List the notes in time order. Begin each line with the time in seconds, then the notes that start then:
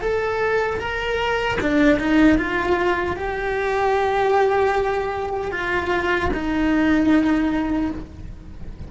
0.00 A4
0.79 A#4
1.60 D4
1.99 D#4
2.38 F4
3.16 G4
5.51 F4
6.33 D#4